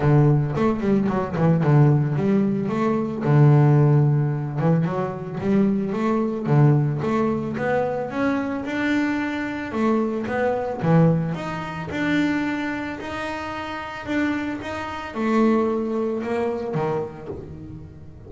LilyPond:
\new Staff \with { instrumentName = "double bass" } { \time 4/4 \tempo 4 = 111 d4 a8 g8 fis8 e8 d4 | g4 a4 d2~ | d8 e8 fis4 g4 a4 | d4 a4 b4 cis'4 |
d'2 a4 b4 | e4 dis'4 d'2 | dis'2 d'4 dis'4 | a2 ais4 dis4 | }